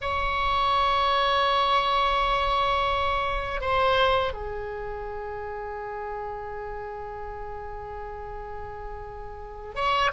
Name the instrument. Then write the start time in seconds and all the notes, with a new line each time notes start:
oboe
0.01 C#5
3.60 C5
4.33 G#4
9.75 C#5